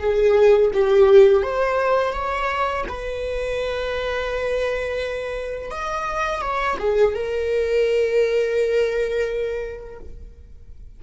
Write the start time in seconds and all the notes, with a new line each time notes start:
0.00 G#4
0.73 G4
1.43 C5
2.13 C#5
2.89 B4
5.71 D#5
6.42 C#5
6.79 G#4
7.15 A#4